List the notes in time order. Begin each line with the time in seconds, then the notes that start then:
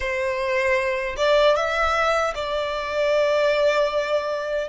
0.00 C5
1.17 D5
1.55 E5
2.34 D5